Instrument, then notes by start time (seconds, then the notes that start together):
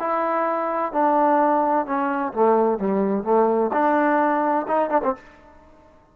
trombone
0.00 E4
0.93 D4
1.86 C#4
2.33 A3
2.78 G3
3.24 A3
3.73 D4
4.68 D#4
4.90 D4
5.03 C4